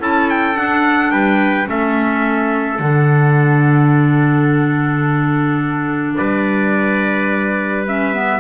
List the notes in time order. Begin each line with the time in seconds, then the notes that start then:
0.00 C#4 E4 A4 A5
0.30 G5
0.55 D4 F#5
1.11 G3 B4 G5
1.66 A3 C#4 A4 E5
2.80 D3 D4 F#5
6.17 G3 B4 D5
7.88 C#4 E5
8.14 B3